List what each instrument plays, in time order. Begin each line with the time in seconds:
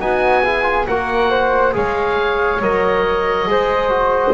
0.00 double bass B3, trombone D#4, flute F#4, oboe G#5
0.44 trombone E4, flute G#4
0.63 trombone F4
0.87 double bass A#3, trombone F#4, flute A#4, oboe F#5
1.31 flute C5
1.73 double bass G#3, trombone G#4, flute C#5, oboe F5
2.62 double bass F#3, trombone A#4, oboe D#5
3.48 double bass G#3, trombone G#4, flute C5
3.90 trombone F#4